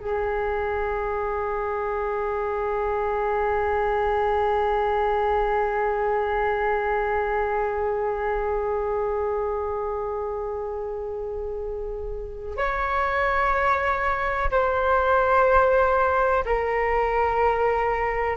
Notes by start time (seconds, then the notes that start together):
0.00 G#4
12.57 C#5
14.51 C5
16.46 A#4